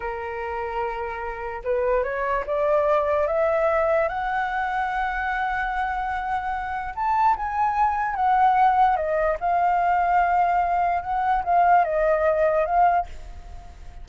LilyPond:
\new Staff \with { instrumentName = "flute" } { \time 4/4 \tempo 4 = 147 ais'1 | b'4 cis''4 d''2 | e''2 fis''2~ | fis''1~ |
fis''4 a''4 gis''2 | fis''2 dis''4 f''4~ | f''2. fis''4 | f''4 dis''2 f''4 | }